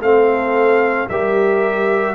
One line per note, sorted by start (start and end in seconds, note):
0.00 1.07 A3
0.00 1.10 C4
0.00 1.10 A4
0.00 1.08 F5
1.09 2.15 G3
1.09 2.15 G4
1.09 2.15 A#4
1.09 2.15 E5